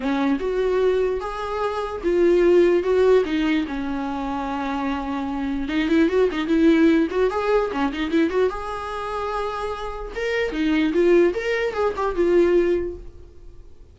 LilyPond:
\new Staff \with { instrumentName = "viola" } { \time 4/4 \tempo 4 = 148 cis'4 fis'2 gis'4~ | gis'4 f'2 fis'4 | dis'4 cis'2.~ | cis'2 dis'8 e'8 fis'8 dis'8 |
e'4. fis'8 gis'4 cis'8 dis'8 | e'8 fis'8 gis'2.~ | gis'4 ais'4 dis'4 f'4 | ais'4 gis'8 g'8 f'2 | }